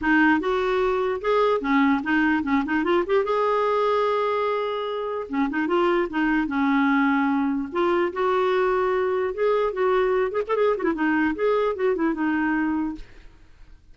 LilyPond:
\new Staff \with { instrumentName = "clarinet" } { \time 4/4 \tempo 4 = 148 dis'4 fis'2 gis'4 | cis'4 dis'4 cis'8 dis'8 f'8 g'8 | gis'1~ | gis'4 cis'8 dis'8 f'4 dis'4 |
cis'2. f'4 | fis'2. gis'4 | fis'4. gis'16 a'16 gis'8 fis'16 e'16 dis'4 | gis'4 fis'8 e'8 dis'2 | }